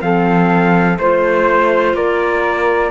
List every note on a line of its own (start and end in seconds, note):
0.00 0.98 F3
0.00 0.97 C4
0.00 1.00 A4
0.00 0.98 F5
0.98 1.93 A3
0.98 2.91 F4
0.98 1.95 C5
0.98 1.96 C5
1.93 2.90 A#3
1.93 2.91 A#4
1.93 2.91 D5